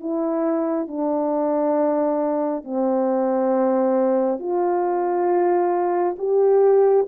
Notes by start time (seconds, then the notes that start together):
0.00 E4
0.88 D4
2.64 C4
4.39 F4
6.18 G4